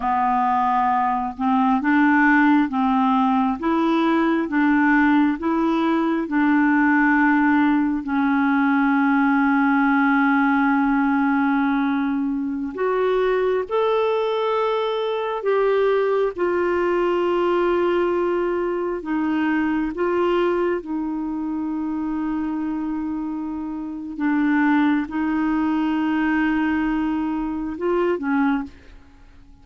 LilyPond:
\new Staff \with { instrumentName = "clarinet" } { \time 4/4 \tempo 4 = 67 b4. c'8 d'4 c'4 | e'4 d'4 e'4 d'4~ | d'4 cis'2.~ | cis'2~ cis'16 fis'4 a'8.~ |
a'4~ a'16 g'4 f'4.~ f'16~ | f'4~ f'16 dis'4 f'4 dis'8.~ | dis'2. d'4 | dis'2. f'8 cis'8 | }